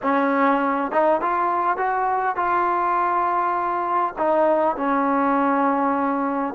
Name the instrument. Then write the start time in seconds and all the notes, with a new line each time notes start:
trombone
0.02 C#4
0.91 D#4
1.21 F4
1.77 F#4
2.36 F4
4.18 D#4
4.76 C#4